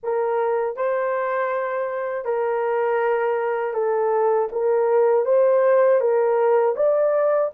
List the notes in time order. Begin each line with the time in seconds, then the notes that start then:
0.03 A#4
0.76 C5
2.24 A#4
3.73 A4
4.52 A#4
5.25 C5
6.00 A#4
6.75 D5